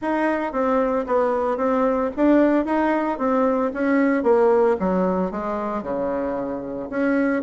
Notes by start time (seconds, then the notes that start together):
0.01 D#4
0.52 C4
1.06 B3
1.57 C4
2.16 D4
2.65 D#4
3.18 C4
3.73 C#4
4.23 A#3
4.79 F#3
5.31 G#3
5.82 C#3
6.90 C#4